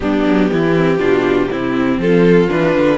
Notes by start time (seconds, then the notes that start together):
0.00 G3 B3 D4 G4
0.25 F#3
0.52 E3 E4
0.76 C4
0.98 B2 D4 F4
1.50 C3 C4 E4
1.98 F3 F4 A4
2.48 E3 D4 B4
2.75 D3